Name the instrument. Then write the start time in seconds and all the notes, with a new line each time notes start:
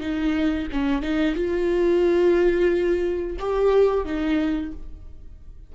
viola
0.00 D#4
0.72 C#4
1.02 D#4
1.35 F4
3.39 G4
4.05 D#4